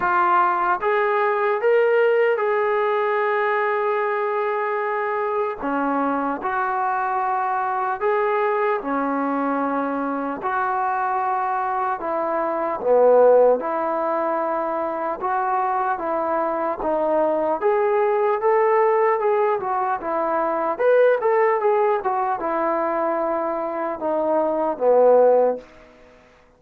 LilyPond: \new Staff \with { instrumentName = "trombone" } { \time 4/4 \tempo 4 = 75 f'4 gis'4 ais'4 gis'4~ | gis'2. cis'4 | fis'2 gis'4 cis'4~ | cis'4 fis'2 e'4 |
b4 e'2 fis'4 | e'4 dis'4 gis'4 a'4 | gis'8 fis'8 e'4 b'8 a'8 gis'8 fis'8 | e'2 dis'4 b4 | }